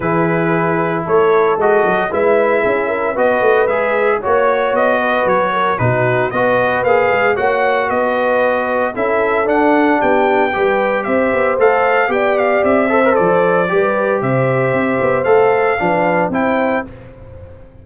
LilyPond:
<<
  \new Staff \with { instrumentName = "trumpet" } { \time 4/4 \tempo 4 = 114 b'2 cis''4 dis''4 | e''2 dis''4 e''4 | cis''4 dis''4 cis''4 b'4 | dis''4 f''4 fis''4 dis''4~ |
dis''4 e''4 fis''4 g''4~ | g''4 e''4 f''4 g''8 f''8 | e''4 d''2 e''4~ | e''4 f''2 g''4 | }
  \new Staff \with { instrumentName = "horn" } { \time 4/4 gis'2 a'2 | b'4 gis'8 ais'8 b'2 | cis''4. b'4 ais'8 fis'4 | b'2 cis''4 b'4~ |
b'4 a'2 g'4 | b'4 c''2 d''4~ | d''8 c''4. b'4 c''4~ | c''2 b'4 c''4 | }
  \new Staff \with { instrumentName = "trombone" } { \time 4/4 e'2. fis'4 | e'2 fis'4 gis'4 | fis'2. dis'4 | fis'4 gis'4 fis'2~ |
fis'4 e'4 d'2 | g'2 a'4 g'4~ | g'8 a'16 ais'16 a'4 g'2~ | g'4 a'4 d'4 e'4 | }
  \new Staff \with { instrumentName = "tuba" } { \time 4/4 e2 a4 gis8 fis8 | gis4 cis'4 b8 a8 gis4 | ais4 b4 fis4 b,4 | b4 ais8 gis8 ais4 b4~ |
b4 cis'4 d'4 b4 | g4 c'8 b8 a4 b4 | c'4 f4 g4 c4 | c'8 b8 a4 f4 c'4 | }
>>